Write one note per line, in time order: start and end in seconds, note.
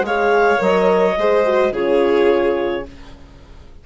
0.00 0.56 G#3
0.00 1.18 C#5
0.00 0.61 F5
0.06 0.58 G#4
0.58 1.16 F#3
0.58 1.14 A#4
0.58 1.73 D#5
1.17 1.71 G#3
1.17 1.45 G#4
1.17 1.72 C5
1.45 1.72 F#4
1.71 2.83 C#3
1.71 2.85 F4
1.71 2.84 G#4
1.71 2.86 C#5